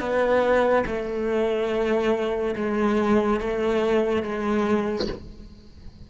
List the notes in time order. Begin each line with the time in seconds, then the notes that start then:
0.00 B3
0.86 A3
2.56 G#3
3.40 A3
4.23 G#3